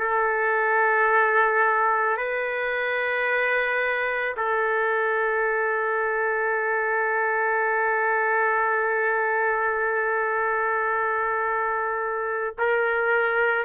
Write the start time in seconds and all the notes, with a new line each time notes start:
0.00 A4
2.18 B4
4.37 A4
12.59 A#4